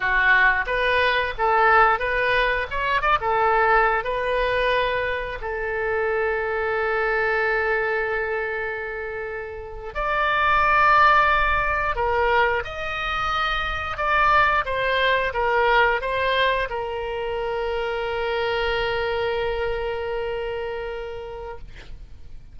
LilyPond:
\new Staff \with { instrumentName = "oboe" } { \time 4/4 \tempo 4 = 89 fis'4 b'4 a'4 b'4 | cis''8 d''16 a'4~ a'16 b'2 | a'1~ | a'2~ a'8. d''4~ d''16~ |
d''4.~ d''16 ais'4 dis''4~ dis''16~ | dis''8. d''4 c''4 ais'4 c''16~ | c''8. ais'2.~ ais'16~ | ais'1 | }